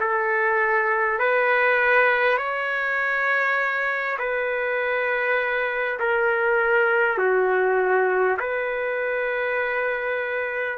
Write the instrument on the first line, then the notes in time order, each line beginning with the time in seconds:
trumpet
0.00 A4
1.19 B4
2.37 C#5
4.18 B4
5.99 A#4
7.18 F#4
8.39 B4